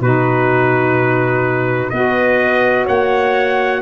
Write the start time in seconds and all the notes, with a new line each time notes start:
0.00 B2 D#4 F#4 B4
1.90 B3 F#4 B4 D#5
2.85 A#3 C#5 F#5